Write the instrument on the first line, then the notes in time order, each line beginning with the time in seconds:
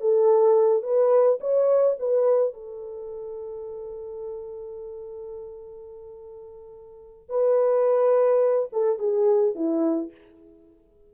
horn
0.00 A4
0.82 B4
1.40 C#5
1.99 B4
2.53 A4
7.29 B4
8.72 A4
8.98 G#4
9.55 E4